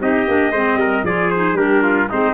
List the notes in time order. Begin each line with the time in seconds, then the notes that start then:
0.00 C4 D#4 G4 D#5
0.27 A#3 D4
0.52 G#3 C4 C5
0.75 G3 A#4
1.04 F3 F4 G#4 D5
1.31 D#4 C5
1.54 G3 D4 G4 A#4
1.83 F4
2.10 G#3 C4 D#4 C5